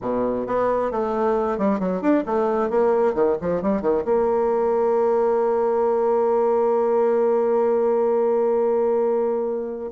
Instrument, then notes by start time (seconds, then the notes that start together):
bassoon
0.01 B2
0.46 B3
0.91 A3
1.58 G3
1.79 F#3
2.01 D4
2.26 A3
2.70 A#3
3.14 D#3
3.41 F3
3.62 G3
3.81 D#3
4.04 A#3